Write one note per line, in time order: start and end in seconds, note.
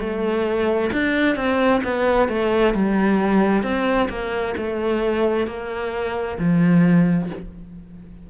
0.00 0.91 A3
0.93 1.36 D4
1.36 1.81 C4
1.83 2.29 B3
2.29 2.74 A3
2.74 3.63 G3
3.63 4.09 C4
4.09 4.55 A#3
4.57 5.47 A3
5.47 6.38 A#3
6.39 7.30 F3